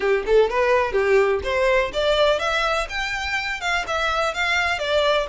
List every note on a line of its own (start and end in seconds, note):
0.00 0.24 G4
0.26 0.50 A4
0.50 0.92 B4
0.92 1.40 G4
1.43 1.91 C5
1.93 2.39 D5
2.39 2.87 E5
2.89 3.60 G5
3.60 3.84 F5
3.87 4.33 E5
4.33 4.78 F5
4.78 5.26 D5